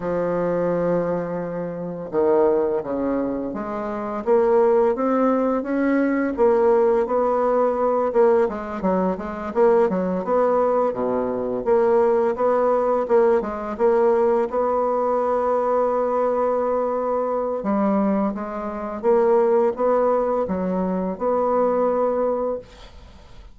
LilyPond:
\new Staff \with { instrumentName = "bassoon" } { \time 4/4 \tempo 4 = 85 f2. dis4 | cis4 gis4 ais4 c'4 | cis'4 ais4 b4. ais8 | gis8 fis8 gis8 ais8 fis8 b4 b,8~ |
b,8 ais4 b4 ais8 gis8 ais8~ | ais8 b2.~ b8~ | b4 g4 gis4 ais4 | b4 fis4 b2 | }